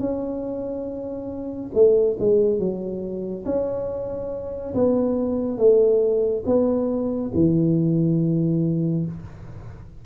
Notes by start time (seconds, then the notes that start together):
0.00 C#4
1.74 A3
2.19 G#3
2.59 F#3
3.45 C#4
4.75 B3
5.58 A3
6.46 B3
7.34 E3